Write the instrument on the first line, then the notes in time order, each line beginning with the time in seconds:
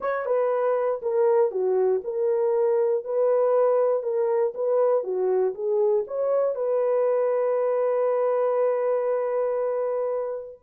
horn
0.00 C#5
0.25 B4
1.02 A#4
1.51 F#4
2.04 A#4
3.04 B4
4.02 A#4
4.54 B4
5.03 F#4
5.54 G#4
6.07 C#5
6.55 B4